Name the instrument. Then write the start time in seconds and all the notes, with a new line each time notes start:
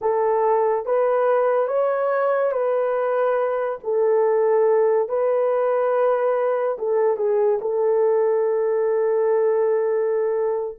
horn
0.01 A4
0.85 B4
1.67 C#5
2.52 B4
3.83 A4
5.08 B4
6.78 A4
7.16 G#4
7.61 A4